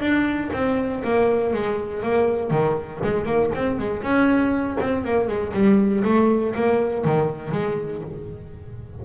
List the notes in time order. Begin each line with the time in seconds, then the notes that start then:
0.00 D4
0.53 C4
1.03 A#3
1.53 G#3
2.02 A#3
2.50 D#3
3.03 G#3
3.25 A#3
3.55 C4
3.78 G#3
4.02 C#4
4.80 C4
5.05 A#3
5.27 G#3
5.53 G3
6.04 A3
6.55 A#3
7.05 D#3
7.52 G#3